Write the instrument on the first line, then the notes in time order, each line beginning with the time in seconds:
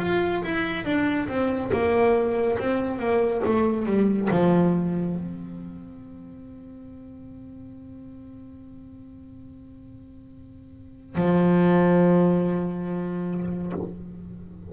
double bass
0.00 F4
0.44 E4
0.85 D4
1.29 C4
1.73 A#3
2.59 C4
2.99 A#3
3.46 A3
3.86 G3
4.31 F3
5.17 C4
11.16 F3